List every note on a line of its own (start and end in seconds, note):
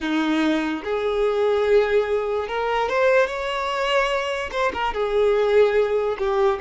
0.00 0.83 D#4
0.84 2.48 G#4
2.48 2.88 A#4
2.88 3.27 C5
3.27 4.50 C#5
4.51 4.71 C5
4.73 4.93 A#4
4.93 6.16 G#4
6.18 6.59 G4